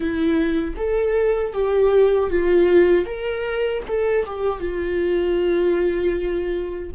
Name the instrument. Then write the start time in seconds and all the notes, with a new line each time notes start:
viola
0.00 E4
0.76 A4
1.53 G4
2.29 F4
3.05 A#4
3.87 A4
4.25 G4
4.59 F4